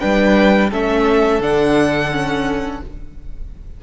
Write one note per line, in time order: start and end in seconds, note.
0.00 0.72 G3
0.00 0.72 D4
0.00 0.70 B4
0.00 0.71 G5
0.70 1.40 A3
0.70 1.42 C#4
0.70 2.82 A4
0.70 1.43 E5
1.40 2.81 D3
1.40 2.12 D4
1.40 2.84 F#5
2.12 2.82 C#4